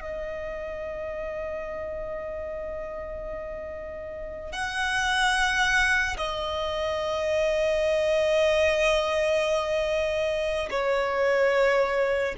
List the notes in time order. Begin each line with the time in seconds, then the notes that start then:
0.00 D#5
4.52 F#5
6.17 D#5
10.70 C#5